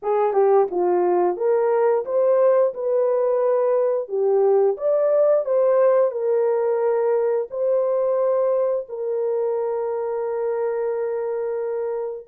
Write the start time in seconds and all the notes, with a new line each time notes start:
0.02 G#4
0.33 G4
0.70 F4
1.36 A#4
2.05 C5
2.73 B4
4.08 G4
4.77 D5
5.45 C5
6.11 A#4
7.50 C5
8.89 A#4